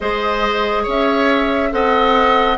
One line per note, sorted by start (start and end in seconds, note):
0.00 0.86 G#3
0.00 1.71 G#4
0.00 0.83 C5
0.00 0.85 D#5
0.83 1.72 C#4
0.83 1.69 C#5
0.89 1.72 E5
1.71 2.57 C4
1.71 2.56 A4
1.71 2.57 D#5
1.71 2.57 F#5